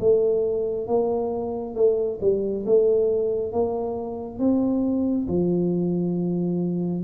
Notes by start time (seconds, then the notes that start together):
0.00 A3
0.87 A#3
1.75 A3
2.21 G3
2.66 A3
3.52 A#3
4.39 C4
5.28 F3